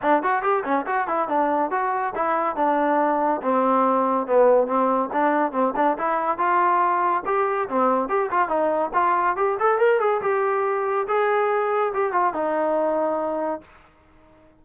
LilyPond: \new Staff \with { instrumentName = "trombone" } { \time 4/4 \tempo 4 = 141 d'8 fis'8 g'8 cis'8 fis'8 e'8 d'4 | fis'4 e'4 d'2 | c'2 b4 c'4 | d'4 c'8 d'8 e'4 f'4~ |
f'4 g'4 c'4 g'8 f'8 | dis'4 f'4 g'8 a'8 ais'8 gis'8 | g'2 gis'2 | g'8 f'8 dis'2. | }